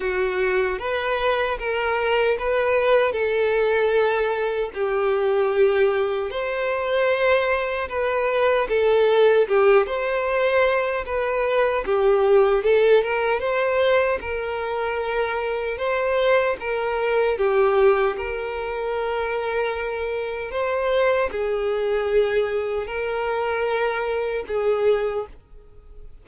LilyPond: \new Staff \with { instrumentName = "violin" } { \time 4/4 \tempo 4 = 76 fis'4 b'4 ais'4 b'4 | a'2 g'2 | c''2 b'4 a'4 | g'8 c''4. b'4 g'4 |
a'8 ais'8 c''4 ais'2 | c''4 ais'4 g'4 ais'4~ | ais'2 c''4 gis'4~ | gis'4 ais'2 gis'4 | }